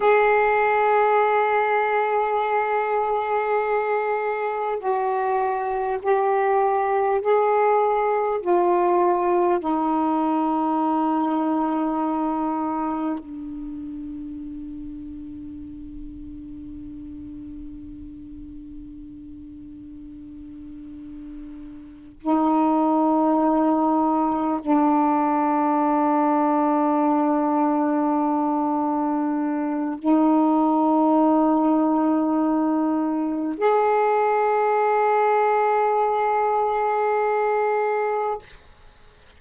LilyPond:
\new Staff \with { instrumentName = "saxophone" } { \time 4/4 \tempo 4 = 50 gis'1 | fis'4 g'4 gis'4 f'4 | dis'2. d'4~ | d'1~ |
d'2~ d'8 dis'4.~ | dis'8 d'2.~ d'8~ | d'4 dis'2. | gis'1 | }